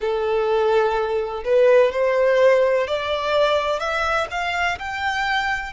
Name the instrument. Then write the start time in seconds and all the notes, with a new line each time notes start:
violin
0.00 A4
1.44 B4
1.91 C5
2.87 D5
3.79 E5
4.31 F5
4.78 G5